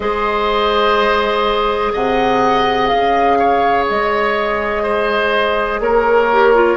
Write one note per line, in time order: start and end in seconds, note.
0.00 1.92 G#3
0.00 6.29 G#4
0.00 1.93 C5
0.00 1.92 D#5
1.93 2.91 C3
1.93 3.38 D#5
1.93 2.87 F#5
2.87 3.89 C#3
2.87 3.84 F5
3.39 4.82 C#5
3.89 5.79 G#3
3.89 5.80 D#5
4.82 5.79 C5
5.79 6.76 A#3
5.79 6.76 A#4
5.79 6.76 C#5
6.31 6.54 G4
6.54 6.76 F4